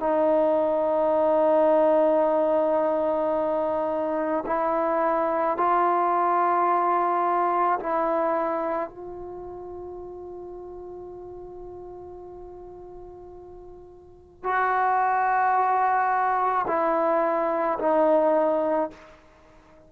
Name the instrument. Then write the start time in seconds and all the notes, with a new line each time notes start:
trombone
0.00 D#4
4.46 E4
5.58 F4
7.80 E4
8.89 F4
14.44 F#4
16.68 E4
17.80 D#4